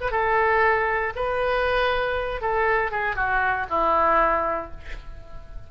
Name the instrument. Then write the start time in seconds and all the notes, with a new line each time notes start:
oboe
0.00 B4
0.11 A4
1.15 B4
2.41 A4
2.91 G#4
3.15 F#4
3.69 E4